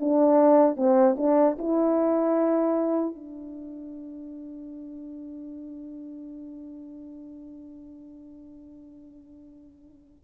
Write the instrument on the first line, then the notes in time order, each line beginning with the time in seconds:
horn
0.00 D4
0.77 C4
1.18 D4
1.59 E4
3.15 D4